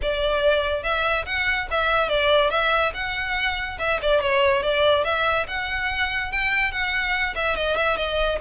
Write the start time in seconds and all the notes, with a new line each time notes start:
0.02 D5
0.83 E5
1.25 F#5
1.70 E5
2.09 D5
2.50 E5
2.94 F#5
3.79 E5
4.02 D5
4.20 C#5
4.63 D5
5.04 E5
5.47 F#5
6.31 G5
6.71 F#5
7.35 E5
7.55 D#5
7.76 E5
7.96 D#5